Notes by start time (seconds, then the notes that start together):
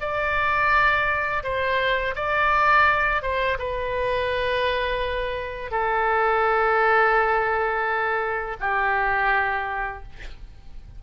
0.00 D5
1.43 C5
2.15 D5
3.22 C5
3.58 B4
5.71 A4
8.60 G4